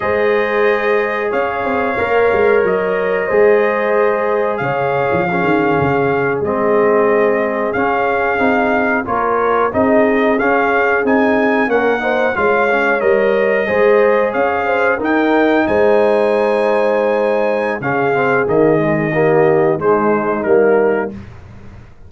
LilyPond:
<<
  \new Staff \with { instrumentName = "trumpet" } { \time 4/4 \tempo 4 = 91 dis''2 f''2 | dis''2. f''4~ | f''4.~ f''16 dis''2 f''16~ | f''4.~ f''16 cis''4 dis''4 f''16~ |
f''8. gis''4 fis''4 f''4 dis''16~ | dis''4.~ dis''16 f''4 g''4 gis''16~ | gis''2. f''4 | dis''2 c''4 ais'4 | }
  \new Staff \with { instrumentName = "horn" } { \time 4/4 c''2 cis''2~ | cis''4 c''2 cis''4 | gis'1~ | gis'4.~ gis'16 ais'4 gis'4~ gis'16~ |
gis'4.~ gis'16 ais'8 c''8 cis''4~ cis''16~ | cis''8. c''4 cis''8 c''8 ais'4 c''16~ | c''2. gis'4~ | gis'4 g'4 dis'2 | }
  \new Staff \with { instrumentName = "trombone" } { \time 4/4 gis'2. ais'4~ | ais'4 gis'2. | cis'4.~ cis'16 c'2 cis'16~ | cis'8. dis'4 f'4 dis'4 cis'16~ |
cis'8. dis'4 cis'8 dis'8 f'8 cis'8 ais'16~ | ais'8. gis'2 dis'4~ dis'16~ | dis'2. cis'8 c'8 | ais8 gis8 ais4 gis4 ais4 | }
  \new Staff \with { instrumentName = "tuba" } { \time 4/4 gis2 cis'8 c'8 ais8 gis8 | fis4 gis2 cis8. f16~ | f16 dis8 cis4 gis2 cis'16~ | cis'8. c'4 ais4 c'4 cis'16~ |
cis'8. c'4 ais4 gis4 g16~ | g8. gis4 cis'4 dis'4 gis16~ | gis2. cis4 | dis2 gis4 g4 | }
>>